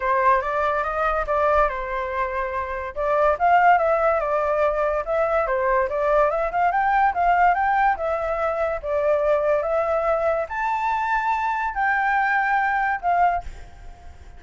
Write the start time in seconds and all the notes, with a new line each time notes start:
0.00 C5
0.41 D5
0.83 D#5
1.26 D5
1.68 C5
2.95 D5
3.38 F5
3.78 E5
4.20 D5
5.05 E5
5.47 C5
5.89 D5
6.30 E5
6.51 F5
6.71 G5
7.13 F5
7.54 G5
7.96 E5
8.82 D5
9.62 E5
10.48 A5
11.74 G5
13.01 F5